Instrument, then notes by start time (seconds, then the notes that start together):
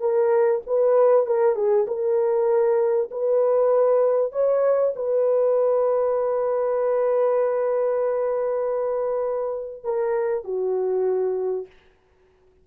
horn
0.00 A#4
0.67 B4
1.26 A#4
1.55 G#4
1.87 A#4
3.11 B4
4.32 C#5
4.96 B4
9.84 A#4
10.44 F#4